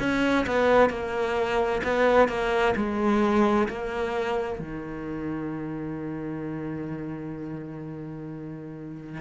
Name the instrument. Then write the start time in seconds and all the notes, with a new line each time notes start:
cello
0.00 C#4
0.47 B3
0.90 A#3
1.84 B3
2.29 A#3
2.76 G#3
3.69 A#3
4.59 D#3